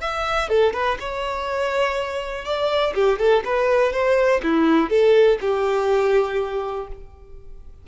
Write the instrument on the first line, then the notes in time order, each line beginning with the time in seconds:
violin
0.00 E5
0.49 A4
0.73 B4
0.99 C#5
2.45 D5
2.94 G4
3.18 A4
3.44 B4
3.92 C5
4.43 E4
4.89 A4
5.41 G4